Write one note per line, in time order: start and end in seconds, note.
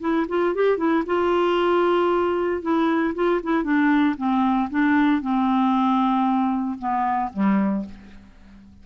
0.00 0.26 E4
0.28 0.55 F4
0.55 0.78 G4
0.78 1.04 E4
1.06 2.62 F4
2.62 3.14 E4
3.14 3.41 F4
3.43 3.63 E4
3.63 4.15 D4
4.17 4.69 C4
4.71 5.22 D4
5.22 6.78 C4
6.78 7.31 B3
7.33 7.85 G3